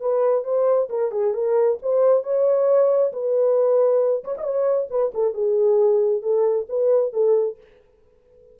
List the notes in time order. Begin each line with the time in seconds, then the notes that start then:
0.00 B4
0.44 C5
0.89 A#4
1.11 G#4
1.34 A#4
1.82 C5
2.23 C#5
3.13 B4
4.24 C#5
4.37 C#5 D#5
4.90 B4
5.14 A4
5.34 G#4
6.22 A4
6.69 B4
7.13 A4